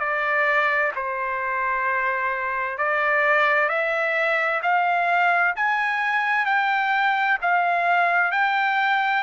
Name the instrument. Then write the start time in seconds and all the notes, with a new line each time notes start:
trumpet
0.00 D5
0.96 C5
2.78 D5
3.69 E5
4.62 F5
5.56 G#5
6.46 G5
7.42 F5
8.32 G5